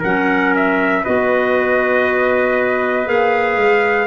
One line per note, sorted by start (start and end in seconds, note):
0.00 1.06 F#3
0.00 1.06 C#4
0.00 1.02 A#4
0.00 0.55 F#5
0.56 1.06 E5
1.04 3.07 B3
1.04 3.06 F#4
1.04 4.08 B4
1.04 3.09 D#5
3.06 3.57 A#3
3.06 4.08 G#4
3.06 4.08 F5
3.57 4.08 G#3